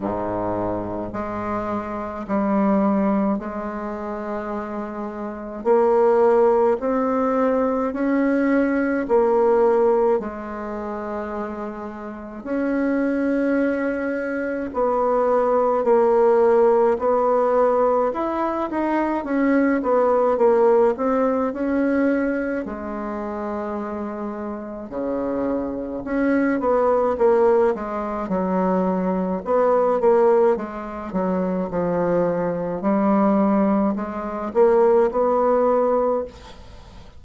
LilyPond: \new Staff \with { instrumentName = "bassoon" } { \time 4/4 \tempo 4 = 53 gis,4 gis4 g4 gis4~ | gis4 ais4 c'4 cis'4 | ais4 gis2 cis'4~ | cis'4 b4 ais4 b4 |
e'8 dis'8 cis'8 b8 ais8 c'8 cis'4 | gis2 cis4 cis'8 b8 | ais8 gis8 fis4 b8 ais8 gis8 fis8 | f4 g4 gis8 ais8 b4 | }